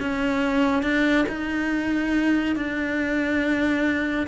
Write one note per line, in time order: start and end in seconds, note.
0.00 0.83 C#4
0.83 1.26 D4
1.29 2.56 D#4
2.56 4.27 D4